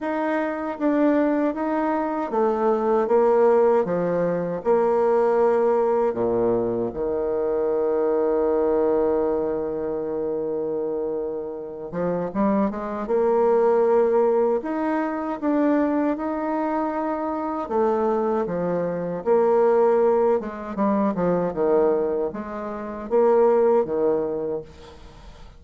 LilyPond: \new Staff \with { instrumentName = "bassoon" } { \time 4/4 \tempo 4 = 78 dis'4 d'4 dis'4 a4 | ais4 f4 ais2 | ais,4 dis2.~ | dis2.~ dis8 f8 |
g8 gis8 ais2 dis'4 | d'4 dis'2 a4 | f4 ais4. gis8 g8 f8 | dis4 gis4 ais4 dis4 | }